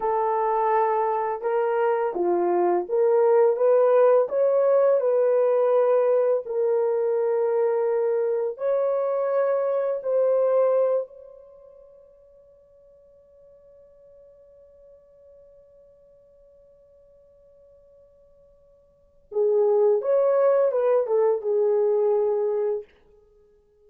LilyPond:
\new Staff \with { instrumentName = "horn" } { \time 4/4 \tempo 4 = 84 a'2 ais'4 f'4 | ais'4 b'4 cis''4 b'4~ | b'4 ais'2. | cis''2 c''4. cis''8~ |
cis''1~ | cis''1~ | cis''2. gis'4 | cis''4 b'8 a'8 gis'2 | }